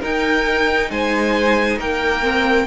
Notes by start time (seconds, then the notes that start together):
0.00 D#4 A#4 G5
0.90 G#3 C5 G#5
1.78 A#3 A#4 G5
2.22 C4